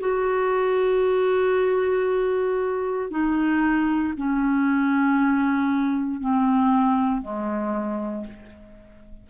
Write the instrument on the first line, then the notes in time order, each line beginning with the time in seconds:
clarinet
0.00 F#4
3.10 D#4
4.17 C#4
6.21 C4
7.22 G#3